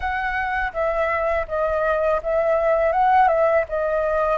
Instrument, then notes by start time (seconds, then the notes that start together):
flute
0.00 F#5
0.73 E5
1.48 D#5
2.22 E5
2.92 F#5
3.28 E5
3.69 D#5